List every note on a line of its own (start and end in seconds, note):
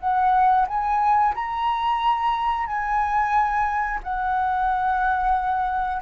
0.00 0.67 F#5
0.68 1.35 G#5
1.35 2.67 A#5
2.67 4.00 G#5
4.04 6.03 F#5